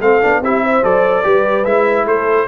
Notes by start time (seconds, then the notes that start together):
0.00 A3 C4 A4 F5
0.21 B3 D4
0.41 C4 E4 G4 E5
0.62 C5
0.83 F#3 A4 D5
1.23 G3 G4 B4
1.64 G#3 E4 E5
2.05 A3 A4 C5